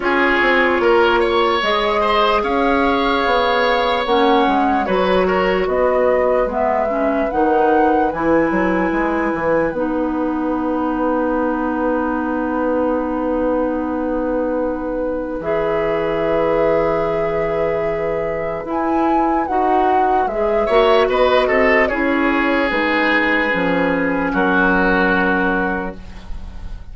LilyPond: <<
  \new Staff \with { instrumentName = "flute" } { \time 4/4 \tempo 4 = 74 cis''2 dis''4 f''4~ | f''4 fis''4 cis''4 dis''4 | e''4 fis''4 gis''2 | fis''1~ |
fis''2. e''4~ | e''2. gis''4 | fis''4 e''4 dis''4 cis''4 | b'2 ais'2 | }
  \new Staff \with { instrumentName = "oboe" } { \time 4/4 gis'4 ais'8 cis''4 c''8 cis''4~ | cis''2 b'8 ais'8 b'4~ | b'1~ | b'1~ |
b'1~ | b'1~ | b'4. cis''8 b'8 a'8 gis'4~ | gis'2 fis'2 | }
  \new Staff \with { instrumentName = "clarinet" } { \time 4/4 f'2 gis'2~ | gis'4 cis'4 fis'2 | b8 cis'8 dis'4 e'2 | dis'1~ |
dis'2. gis'4~ | gis'2. e'4 | fis'4 gis'8 fis'4. e'4 | dis'4 cis'2. | }
  \new Staff \with { instrumentName = "bassoon" } { \time 4/4 cis'8 c'8 ais4 gis4 cis'4 | b4 ais8 gis8 fis4 b4 | gis4 dis4 e8 fis8 gis8 e8 | b1~ |
b2. e4~ | e2. e'4 | dis'4 gis8 ais8 b8 c'8 cis'4 | gis4 f4 fis2 | }
>>